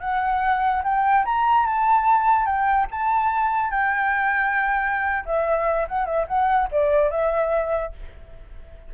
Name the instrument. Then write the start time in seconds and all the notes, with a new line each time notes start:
flute
0.00 F#5
0.83 G5
1.25 A#5
1.66 A5
2.46 G5
2.91 A5
3.70 G5
5.25 E5
5.88 F#5
6.06 E5
6.28 F#5
6.71 D5
7.10 E5